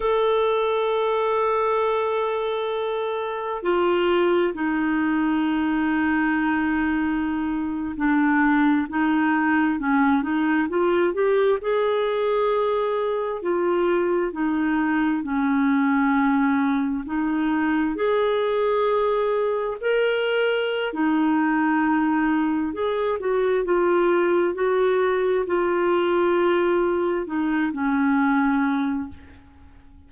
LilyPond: \new Staff \with { instrumentName = "clarinet" } { \time 4/4 \tempo 4 = 66 a'1 | f'4 dis'2.~ | dis'8. d'4 dis'4 cis'8 dis'8 f'16~ | f'16 g'8 gis'2 f'4 dis'16~ |
dis'8. cis'2 dis'4 gis'16~ | gis'4.~ gis'16 ais'4~ ais'16 dis'4~ | dis'4 gis'8 fis'8 f'4 fis'4 | f'2 dis'8 cis'4. | }